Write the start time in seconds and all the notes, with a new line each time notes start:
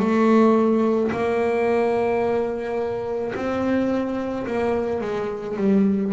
0.00 A3
1.12 A#3
3.35 C4
4.47 A#3
5.01 G#3
5.57 G3